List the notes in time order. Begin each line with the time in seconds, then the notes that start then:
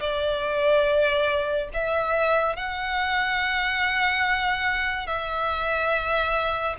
0.00 D5
1.74 E5
2.56 F#5
5.07 E5